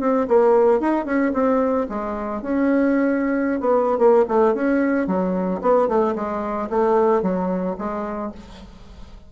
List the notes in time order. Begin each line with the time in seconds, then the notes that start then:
0.00 C4
0.27 A#3
0.80 D#4
1.05 C#4
1.33 C4
1.89 G#3
2.42 C#4
3.60 B3
3.98 A#3
4.28 A3
4.54 C#4
5.07 F#3
5.61 B3
5.88 A3
6.15 G#3
6.70 A3
7.22 F#3
7.78 G#3